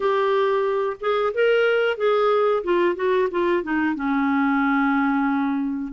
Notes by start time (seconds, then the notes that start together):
0.00 G4
1.00 G#4
1.34 A#4
1.97 G#4
2.63 F4
2.95 F#4
3.30 F4
3.63 D#4
3.95 C#4